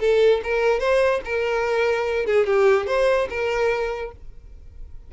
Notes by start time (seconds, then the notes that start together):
0.00 A4
0.44 A#4
0.80 C5
1.25 A#4
2.26 G#4
2.47 G4
2.87 C5
3.30 A#4